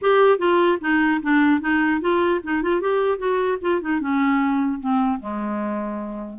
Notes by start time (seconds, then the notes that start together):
0.01 G4
0.38 F4
0.81 D#4
1.22 D4
1.60 D#4
2.00 F4
2.43 D#4
2.62 F4
2.81 G4
3.18 F#4
3.61 F4
3.81 D#4
4.00 C#4
4.79 C4
5.19 G#3